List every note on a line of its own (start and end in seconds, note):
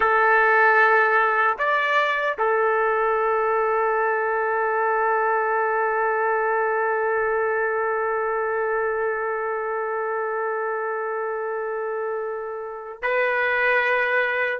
0.00 1.56 A4
1.58 2.37 D5
2.38 13.02 A4
13.02 14.59 B4